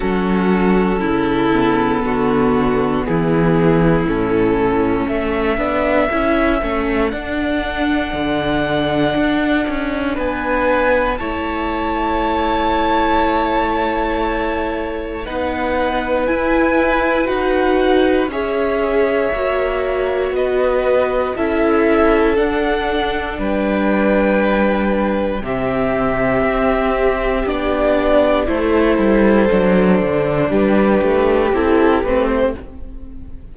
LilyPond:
<<
  \new Staff \with { instrumentName = "violin" } { \time 4/4 \tempo 4 = 59 a'2. gis'4 | a'4 e''2 fis''4~ | fis''2 gis''4 a''4~ | a''2. fis''4 |
gis''4 fis''4 e''2 | dis''4 e''4 fis''4 g''4~ | g''4 e''2 d''4 | c''2 b'4 a'8 b'16 c''16 | }
  \new Staff \with { instrumentName = "violin" } { \time 4/4 fis'4 e'4 fis'4 e'4~ | e'4 a'2.~ | a'2 b'4 cis''4~ | cis''2. b'4~ |
b'2 cis''2 | b'4 a'2 b'4~ | b'4 g'2. | a'2 g'2 | }
  \new Staff \with { instrumentName = "viola" } { \time 4/4 cis'4. b2~ b8 | cis'4. d'8 e'8 cis'8 d'4~ | d'2. e'4~ | e'2. dis'4 |
e'4 fis'4 gis'4 fis'4~ | fis'4 e'4 d'2~ | d'4 c'2 d'4 | e'4 d'2 e'8 c'8 | }
  \new Staff \with { instrumentName = "cello" } { \time 4/4 fis4 cis4 d4 e4 | a,4 a8 b8 cis'8 a8 d'4 | d4 d'8 cis'8 b4 a4~ | a2. b4 |
e'4 dis'4 cis'4 ais4 | b4 cis'4 d'4 g4~ | g4 c4 c'4 b4 | a8 g8 fis8 d8 g8 a8 c'8 a8 | }
>>